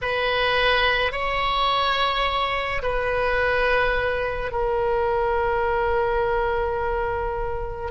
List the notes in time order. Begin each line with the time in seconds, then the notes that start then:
0.01 B4
1.12 C#5
2.82 B4
4.51 A#4